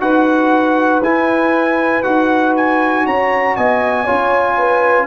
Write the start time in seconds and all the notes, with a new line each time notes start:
0.00 D#4 F#4 B4 F#5
1.01 E4 G#5
2.03 D#4 F#4 F#5
2.56 G#5
3.06 C#4 C#5 A#5
3.56 B3 D#5 G#5
4.04 F4 C#5
4.10 C#4
4.58 B4